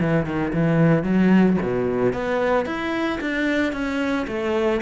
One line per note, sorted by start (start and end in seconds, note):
0.00 0.26 E3
0.26 0.53 D#3
0.53 1.03 E3
1.03 1.57 F#3
1.62 2.13 B2
2.13 2.66 B3
2.66 3.19 E4
3.20 3.73 D4
3.73 4.26 C#4
4.27 4.81 A3